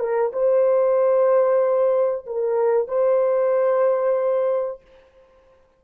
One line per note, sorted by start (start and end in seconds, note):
0.00 0.32 A#4
0.33 2.26 C5
2.27 2.89 A#4
2.89 4.82 C5